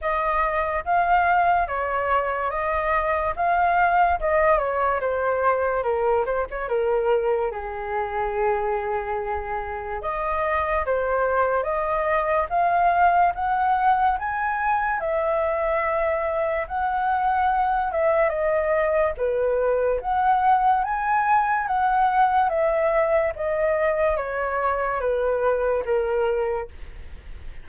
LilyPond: \new Staff \with { instrumentName = "flute" } { \time 4/4 \tempo 4 = 72 dis''4 f''4 cis''4 dis''4 | f''4 dis''8 cis''8 c''4 ais'8 c''16 cis''16 | ais'4 gis'2. | dis''4 c''4 dis''4 f''4 |
fis''4 gis''4 e''2 | fis''4. e''8 dis''4 b'4 | fis''4 gis''4 fis''4 e''4 | dis''4 cis''4 b'4 ais'4 | }